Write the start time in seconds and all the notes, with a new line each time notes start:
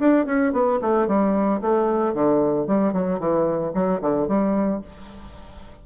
0.00 D4
0.26 C#4
0.53 B3
0.82 A3
1.08 G3
1.62 A3
2.14 D3
2.67 G3
2.93 F#3
3.20 E3
3.75 F#3
4.02 D3
4.28 G3